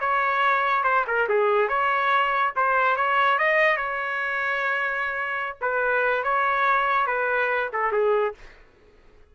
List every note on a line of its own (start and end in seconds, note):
0.00 0.84 C#5
0.84 1.05 C5
1.07 1.28 A#4
1.29 1.68 G#4
1.68 2.53 C#5
2.56 2.96 C5
2.96 3.38 C#5
3.38 3.77 D#5
3.77 5.56 C#5
5.61 6.23 B4
6.23 7.07 C#5
7.07 7.70 B4
7.73 7.92 A4
7.92 8.34 G#4